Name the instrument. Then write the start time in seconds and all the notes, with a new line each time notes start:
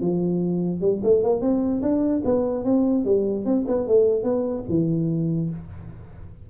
tuba
0.00 F3
0.81 G3
1.03 A3
1.23 A#3
1.41 C4
1.82 D4
2.25 B3
2.64 C4
3.05 G3
3.45 C4
3.67 B3
3.87 A3
4.23 B3
4.69 E3